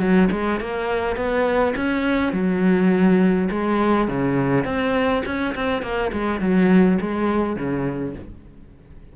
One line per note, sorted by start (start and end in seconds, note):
0.00 0.29 F#3
0.32 0.60 G#3
0.60 1.17 A#3
1.17 1.75 B3
1.76 2.33 C#4
2.33 3.49 F#3
3.51 4.08 G#3
4.08 4.65 C#3
4.65 5.23 C4
5.26 5.55 C#4
5.55 5.83 C4
5.83 6.12 A#3
6.13 6.41 G#3
6.41 6.99 F#3
7.01 7.57 G#3
7.57 8.15 C#3